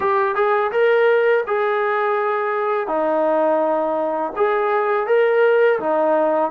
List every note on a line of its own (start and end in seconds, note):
0.00 0.35 G4
0.35 0.71 G#4
0.71 1.44 A#4
1.47 2.87 G#4
2.87 4.32 D#4
4.36 5.06 G#4
5.06 5.79 A#4
5.79 6.51 D#4